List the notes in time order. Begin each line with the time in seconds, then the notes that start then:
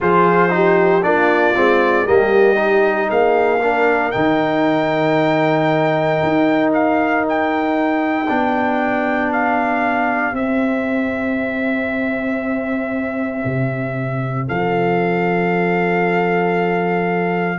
0.00 F3 F4 G#4 C5
0.49 D#4 G4
1.02 A#3 D4 F4 D5
1.55 G#3 C4
2.03 G3 A#3 G4 D#5
2.55 D#4
3.09 A#3 G#4 F5
3.62 D4 A#4
4.11 D#3 D#4 G5
6.22 D#4
6.73 F5
7.28 G5
8.27 B3 D4 G4
9.32 F5
10.32 C4 E5
13.44 C3
14.47 F3 A4 F5